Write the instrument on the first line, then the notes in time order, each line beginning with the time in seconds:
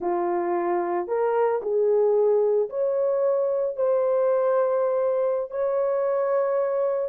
horn
0.00 F4
1.07 A#4
1.61 G#4
2.69 C#5
3.76 C5
5.51 C#5